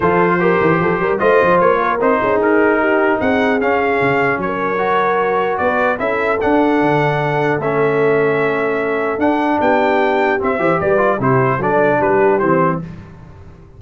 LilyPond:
<<
  \new Staff \with { instrumentName = "trumpet" } { \time 4/4 \tempo 4 = 150 c''2. dis''4 | cis''4 c''4 ais'2 | fis''4 f''2 cis''4~ | cis''2 d''4 e''4 |
fis''2. e''4~ | e''2. fis''4 | g''2 e''4 d''4 | c''4 d''4 b'4 c''4 | }
  \new Staff \with { instrumentName = "horn" } { \time 4/4 a'4 ais'4 a'8 ais'8 c''4~ | c''8 ais'4 gis'4. g'4 | gis'2. ais'4~ | ais'2 b'4 a'4~ |
a'1~ | a'1 | g'2~ g'8 c''8 b'4 | g'4 a'4 g'2 | }
  \new Staff \with { instrumentName = "trombone" } { \time 4/4 f'4 g'2 f'4~ | f'4 dis'2.~ | dis'4 cis'2. | fis'2. e'4 |
d'2. cis'4~ | cis'2. d'4~ | d'2 c'8 g'4 f'8 | e'4 d'2 c'4 | }
  \new Staff \with { instrumentName = "tuba" } { \time 4/4 f4. e8 f8 g8 a8 f8 | ais4 c'8 cis'8 dis'2 | c'4 cis'4 cis4 fis4~ | fis2 b4 cis'4 |
d'4 d2 a4~ | a2. d'4 | b2 c'8 e8 g4 | c4 fis4 g4 e4 | }
>>